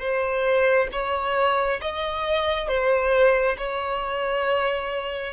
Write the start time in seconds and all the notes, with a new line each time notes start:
0.00 C5
0.92 C#5
1.82 D#5
2.68 C5
3.58 C#5